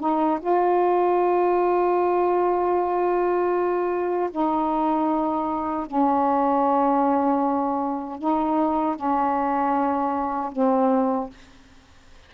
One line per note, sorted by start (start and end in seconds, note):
0.00 0.39 D#4
0.40 4.30 F4
4.31 5.86 D#4
5.86 8.19 C#4
8.19 8.96 D#4
8.96 10.52 C#4
10.52 11.30 C4